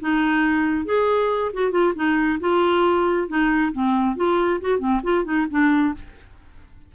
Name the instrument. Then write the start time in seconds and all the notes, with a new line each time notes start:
clarinet
0.00 D#4
0.85 G#4
1.53 F#4
1.71 F4
1.95 D#4
2.40 F4
3.28 D#4
3.72 C4
4.16 F4
4.61 F#4
4.79 C4
5.03 F4
5.24 D#4
5.50 D4